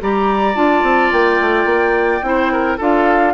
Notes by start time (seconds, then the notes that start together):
0.00 G3 G4 D5 A#5
0.55 D4 F4 A5
0.83 C4
1.12 A#3 G5
1.40 A3
1.65 A#3
2.22 C4 E4 C5
2.52 A#4
2.77 D4 F4 A4 F5